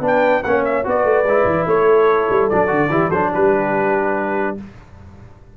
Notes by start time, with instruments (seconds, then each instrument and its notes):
0.00 tuba B3, trombone D4, horn B4
0.07 trumpet G5
0.43 tuba A#3, trombone C#4, horn C#5, trumpet F#5
0.65 trumpet E5
0.84 tuba B3, trombone F#4, horn B4, trumpet D5
1.04 tuba A3
1.24 tuba G#3, trombone E4
1.45 tuba E3
1.66 tuba A3, horn A4, trumpet C#5
2.30 tuba G3
2.49 tuba F#3, trombone D4, trumpet D5
2.67 tuba D3, trombone F#4
2.89 tuba E3, trombone E4, horn G4
3.09 tuba F#3, trombone D4, horn A4, trumpet C5
3.32 tuba G3, horn G4, trumpet B4